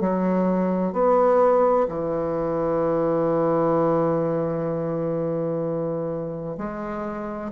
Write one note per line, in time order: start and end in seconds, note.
0.00 0.93 F#3
0.93 1.87 B3
1.88 6.57 E3
6.58 7.51 G#3